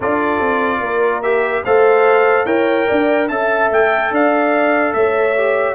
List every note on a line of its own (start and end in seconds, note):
0.00 0.40 D4
0.00 1.23 F4
0.00 0.80 A4
0.00 1.22 D5
0.40 0.79 C4
0.79 1.62 A#3
0.79 1.64 A#4
1.22 1.64 G4
1.22 1.63 E5
1.64 2.45 A3
1.64 2.46 A4
1.64 2.45 C5
1.64 2.45 F5
2.45 2.86 E4
2.45 3.28 A#4
2.45 2.86 C#5
2.45 3.28 G5
2.86 3.30 D4
2.86 3.27 D5
3.28 3.70 C#4
3.28 5.36 A4
3.28 4.11 E5
3.28 3.69 A5
3.70 4.10 A3
3.70 4.13 G5
4.10 4.93 D4
4.10 4.95 D5
4.10 4.93 F5
4.93 5.74 A3
4.93 5.74 C#5
4.93 5.74 E5
5.37 5.74 G4